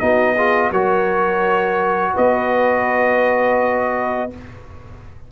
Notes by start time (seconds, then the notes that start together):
0.00 B3 D#4 F#4 D#5
0.36 F4 G#4
0.71 F#3 F#4 A#4 C#5
2.14 B3 B4 D#5